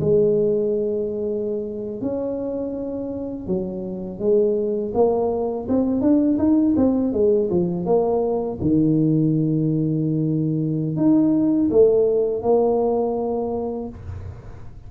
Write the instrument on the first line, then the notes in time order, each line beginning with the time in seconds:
tuba
0.00 G#3
2.01 C#4
3.47 F#3
4.19 G#3
4.94 A#3
5.68 C4
6.01 D4
6.38 D#4
6.76 C4
7.13 G#3
7.50 F3
7.86 A#3
8.61 D#3
10.96 D#4
11.70 A3
12.42 A#3